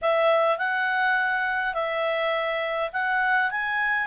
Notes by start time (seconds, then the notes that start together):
0.01 E5
0.58 F#5
1.73 E5
2.93 F#5
3.50 G#5